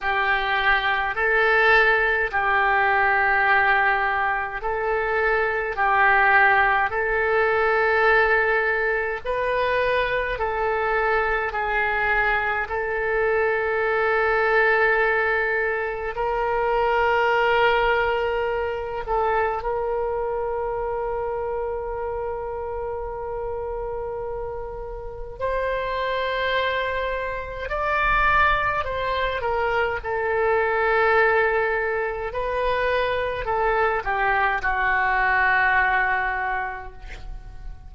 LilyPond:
\new Staff \with { instrumentName = "oboe" } { \time 4/4 \tempo 4 = 52 g'4 a'4 g'2 | a'4 g'4 a'2 | b'4 a'4 gis'4 a'4~ | a'2 ais'2~ |
ais'8 a'8 ais'2.~ | ais'2 c''2 | d''4 c''8 ais'8 a'2 | b'4 a'8 g'8 fis'2 | }